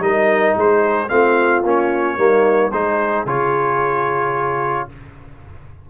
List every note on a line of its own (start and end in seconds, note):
0.00 0.54 G3
0.00 1.09 D#4
0.00 0.57 A#4
0.00 0.57 D#5
0.57 1.11 G#3
0.57 1.11 G#4
0.57 1.09 C5
1.09 1.65 A3
1.09 1.63 C4
1.09 2.17 F4
1.09 1.63 F5
1.65 2.18 A#3
1.65 2.18 C#4
1.65 2.72 C#5
2.17 2.72 G3
2.17 2.72 A#3
2.17 2.71 D#4
2.71 3.26 G#3
2.71 3.27 D#4
2.71 4.87 G#4
2.71 3.26 C5
3.26 4.88 C#3
3.26 4.90 F4
3.26 4.90 C#5